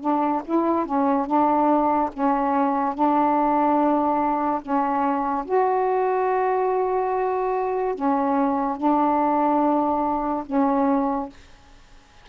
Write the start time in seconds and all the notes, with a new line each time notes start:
0.00 D4
0.44 E4
0.86 C#4
1.26 D4
2.13 C#4
2.94 D4
4.61 C#4
5.45 F#4
7.94 C#4
8.77 D4
10.46 C#4